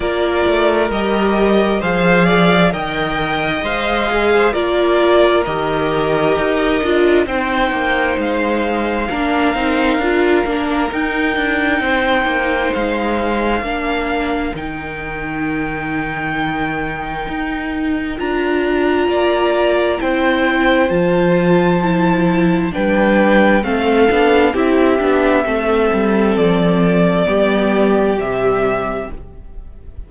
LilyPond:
<<
  \new Staff \with { instrumentName = "violin" } { \time 4/4 \tempo 4 = 66 d''4 dis''4 f''4 g''4 | f''4 d''4 dis''2 | g''4 f''2. | g''2 f''2 |
g''1 | ais''2 g''4 a''4~ | a''4 g''4 f''4 e''4~ | e''4 d''2 e''4 | }
  \new Staff \with { instrumentName = "violin" } { \time 4/4 ais'2 c''8 d''8 dis''4~ | dis''8. c''16 ais'2. | c''2 ais'2~ | ais'4 c''2 ais'4~ |
ais'1~ | ais'4 d''4 c''2~ | c''4 b'4 a'4 g'4 | a'2 g'2 | }
  \new Staff \with { instrumentName = "viola" } { \time 4/4 f'4 g'4 gis'4 ais'4 | c''8 gis'8 f'4 g'4. f'8 | dis'2 d'8 dis'8 f'8 d'8 | dis'2. d'4 |
dis'1 | f'2 e'4 f'4 | e'4 d'4 c'8 d'8 e'8 d'8 | c'2 b4 g4 | }
  \new Staff \with { instrumentName = "cello" } { \time 4/4 ais8 a8 g4 f4 dis4 | gis4 ais4 dis4 dis'8 d'8 | c'8 ais8 gis4 ais8 c'8 d'8 ais8 | dis'8 d'8 c'8 ais8 gis4 ais4 |
dis2. dis'4 | d'4 ais4 c'4 f4~ | f4 g4 a8 b8 c'8 b8 | a8 g8 f4 g4 c4 | }
>>